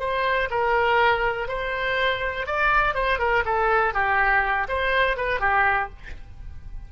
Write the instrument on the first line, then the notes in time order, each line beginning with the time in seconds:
oboe
0.00 C5
0.51 A#4
1.49 C5
2.47 D5
2.95 C5
3.19 A#4
3.46 A4
3.94 G4
4.69 C5
5.17 B4
5.40 G4